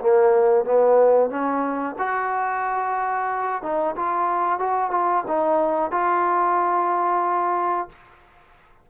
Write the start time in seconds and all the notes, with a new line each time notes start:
0.00 A#3
0.65 B3
1.30 C#4
1.98 F#4
3.62 D#4
3.96 F4
4.59 F#4
4.91 F4
5.27 D#4
5.91 F4